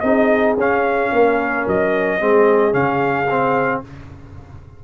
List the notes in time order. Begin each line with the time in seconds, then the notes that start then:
0.00 C4 D#4 G#4 D#5
0.57 C#4 F5
1.12 A#3 A#4
1.67 F#3 D#5
2.20 G#3 C4 G#4
2.72 C#3 C#4 F5
3.30 C4